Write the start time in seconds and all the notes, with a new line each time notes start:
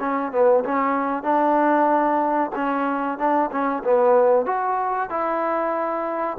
0.00 C#4
0.32 B3
0.64 C#4
1.23 D4
2.56 C#4
3.18 D4
3.51 C#4
3.84 B3
4.46 F#4
5.09 E4